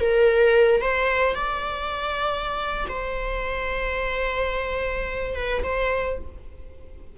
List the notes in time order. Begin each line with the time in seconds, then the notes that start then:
0.00 A#4
0.81 C5
1.35 D5
2.89 C5
5.35 B4
5.63 C5